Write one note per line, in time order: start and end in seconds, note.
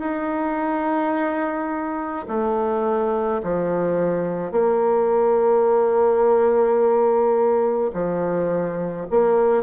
0.00 2.26 D#4
2.28 3.42 A3
3.44 4.52 F3
4.52 7.91 A#3
7.94 9.07 F3
9.11 9.63 A#3